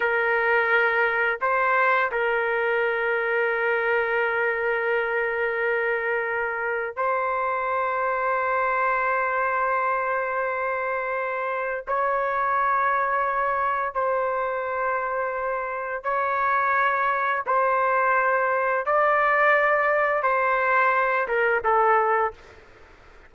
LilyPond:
\new Staff \with { instrumentName = "trumpet" } { \time 4/4 \tempo 4 = 86 ais'2 c''4 ais'4~ | ais'1~ | ais'2 c''2~ | c''1~ |
c''4 cis''2. | c''2. cis''4~ | cis''4 c''2 d''4~ | d''4 c''4. ais'8 a'4 | }